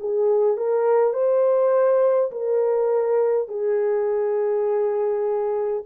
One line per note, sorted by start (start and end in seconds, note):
0.00 0.57 G#4
0.57 1.13 A#4
1.13 2.31 C5
2.32 3.48 A#4
3.48 5.83 G#4